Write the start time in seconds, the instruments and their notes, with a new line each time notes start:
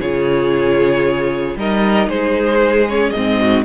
0.00 cello C#3, viola F4, violin G#4 C#5
1.56 cello G3, viola D#4, violin A#4 D#5
2.08 cello G#3, violin G#4 C5
2.89 viola C#4, violin C#5
3.11 cello G#2, viola C4, violin D#5
3.41 violin F#4